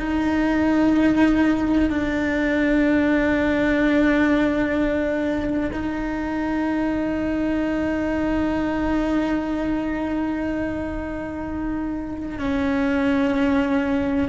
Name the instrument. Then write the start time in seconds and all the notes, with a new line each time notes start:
cello
0.00 D#4
1.90 D4
5.72 D#4
12.39 C#4